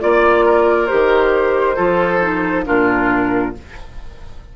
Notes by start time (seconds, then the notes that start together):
0.00 A#3 F4 D5
0.45 A#4
0.87 D#3 G4 C5
1.76 F3 F4 A4
2.22 D#4
2.65 A#2 D4 F4 A#4